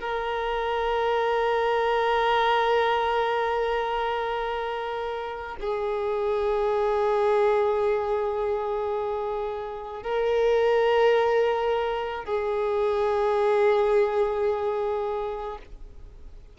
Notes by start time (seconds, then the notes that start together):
0.00 A#4
5.60 G#4
10.03 A#4
12.24 G#4